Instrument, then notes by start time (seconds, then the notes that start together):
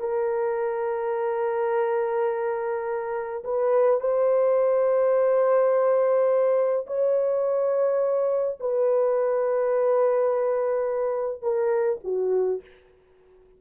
horn
0.00 A#4
3.44 B4
4.00 C5
6.86 C#5
8.59 B4
11.42 A#4
12.04 F#4